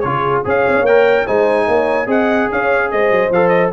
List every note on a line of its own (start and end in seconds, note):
0.00 0.45 C#3
0.00 0.45 F4
0.00 0.46 G#4
0.00 0.41 C#5
0.45 0.67 C#4
0.45 0.86 G#4
0.45 1.26 C#5
0.45 0.86 F5
0.67 0.76 C4
0.76 0.82 C#4
0.82 1.23 A#3
0.82 1.27 A#4
0.82 1.27 G5
1.26 1.68 G#3
1.26 2.07 D#4
1.26 1.67 C5
1.26 2.09 G#5
1.68 2.07 A#3
1.68 2.07 C#5
2.07 2.48 C4
2.07 3.30 G#4
2.07 2.48 D#5
2.07 2.52 F#5
2.51 2.92 C#4
2.51 2.92 C#5
2.51 2.91 F5
2.91 3.11 G#3
2.91 3.73 C5
2.91 3.32 D#5
3.11 3.30 F#3
3.30 3.71 F3
3.30 3.73 A4
3.30 3.49 F5
3.49 3.69 D#5